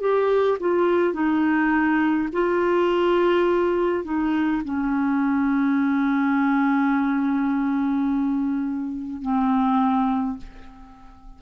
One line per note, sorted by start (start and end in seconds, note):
0.00 0.58 G4
0.60 1.13 F4
1.13 2.29 D#4
2.32 4.04 F4
4.04 4.62 D#4
4.64 9.22 C#4
9.22 10.37 C4